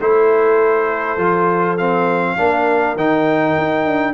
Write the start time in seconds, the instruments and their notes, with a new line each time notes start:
0.00 tuba A3, trombone E4, horn A4, trumpet C5
1.18 tuba F3, trombone F4
1.78 trombone C4, trumpet F5
2.38 tuba A#3, trombone D4, horn A#4
2.96 tuba D#3, trombone D#4, trumpet G5
3.58 tuba D#4
3.85 tuba D4